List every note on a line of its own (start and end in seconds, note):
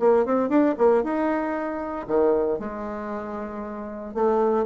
0.00 0.26 A#3
0.26 0.49 C4
0.49 0.75 D4
0.78 1.04 A#3
1.04 2.07 D#4
2.08 2.59 D#3
2.59 4.14 G#3
4.15 4.66 A3